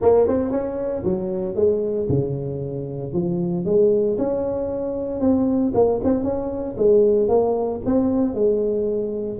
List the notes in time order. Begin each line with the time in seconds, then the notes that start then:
0.01 A#3
0.27 C4
0.51 C#4
1.04 F#3
1.55 G#3
2.08 C#3
3.13 F3
3.65 G#3
4.18 C#4
5.20 C4
5.74 A#3
6.04 C4
6.23 C#4
6.77 G#3
7.28 A#3
7.85 C4
8.34 G#3